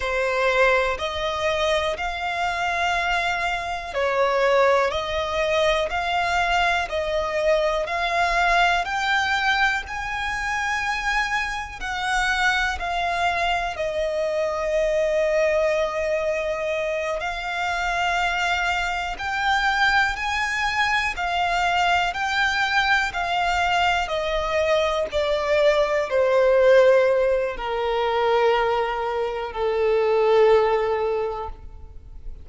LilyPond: \new Staff \with { instrumentName = "violin" } { \time 4/4 \tempo 4 = 61 c''4 dis''4 f''2 | cis''4 dis''4 f''4 dis''4 | f''4 g''4 gis''2 | fis''4 f''4 dis''2~ |
dis''4. f''2 g''8~ | g''8 gis''4 f''4 g''4 f''8~ | f''8 dis''4 d''4 c''4. | ais'2 a'2 | }